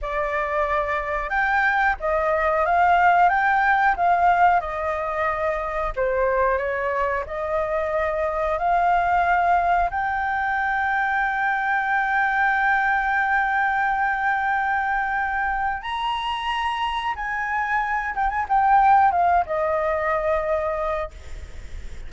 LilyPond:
\new Staff \with { instrumentName = "flute" } { \time 4/4 \tempo 4 = 91 d''2 g''4 dis''4 | f''4 g''4 f''4 dis''4~ | dis''4 c''4 cis''4 dis''4~ | dis''4 f''2 g''4~ |
g''1~ | g''1 | ais''2 gis''4. g''16 gis''16 | g''4 f''8 dis''2~ dis''8 | }